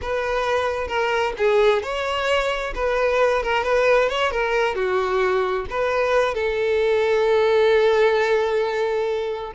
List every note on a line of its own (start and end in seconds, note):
0.01 0.87 B4
0.87 1.33 A#4
1.37 1.82 G#4
1.82 2.73 C#5
2.74 3.42 B4
3.42 3.63 A#4
3.63 4.09 B4
4.09 4.31 C#5
4.31 4.75 A#4
4.75 5.66 F#4
5.70 6.34 B4
6.34 9.52 A4